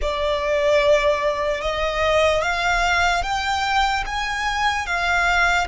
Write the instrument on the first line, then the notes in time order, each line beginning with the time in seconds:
violin
0.01 D5
1.61 D#5
2.41 F5
3.22 G5
4.06 G#5
4.86 F5